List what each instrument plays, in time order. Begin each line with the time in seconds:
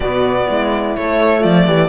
0.00 cello B2, saxophone B3, horn F#4, violin D5
0.46 cello G#3, horn E4
0.96 cello A3, saxophone A3, violin C#5
1.39 cello F3, horn F4, violin D5
1.66 cello E3, horn G4